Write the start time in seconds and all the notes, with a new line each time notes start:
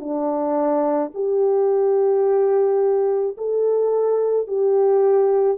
0.00 D4
1.14 G4
3.37 A4
4.47 G4